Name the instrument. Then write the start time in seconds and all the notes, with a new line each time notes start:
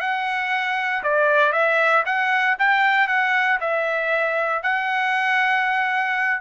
trumpet
0.00 F#5
1.03 D5
1.52 E5
2.05 F#5
2.59 G5
3.07 F#5
3.60 E5
4.63 F#5